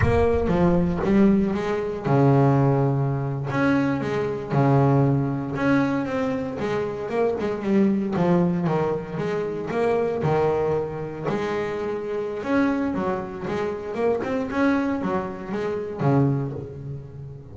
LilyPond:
\new Staff \with { instrumentName = "double bass" } { \time 4/4 \tempo 4 = 116 ais4 f4 g4 gis4 | cis2~ cis8. cis'4 gis16~ | gis8. cis2 cis'4 c'16~ | c'8. gis4 ais8 gis8 g4 f16~ |
f8. dis4 gis4 ais4 dis16~ | dis4.~ dis16 gis2~ gis16 | cis'4 fis4 gis4 ais8 c'8 | cis'4 fis4 gis4 cis4 | }